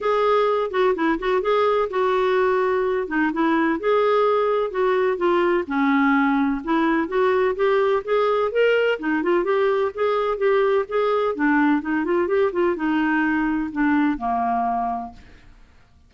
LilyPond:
\new Staff \with { instrumentName = "clarinet" } { \time 4/4 \tempo 4 = 127 gis'4. fis'8 e'8 fis'8 gis'4 | fis'2~ fis'8 dis'8 e'4 | gis'2 fis'4 f'4 | cis'2 e'4 fis'4 |
g'4 gis'4 ais'4 dis'8 f'8 | g'4 gis'4 g'4 gis'4 | d'4 dis'8 f'8 g'8 f'8 dis'4~ | dis'4 d'4 ais2 | }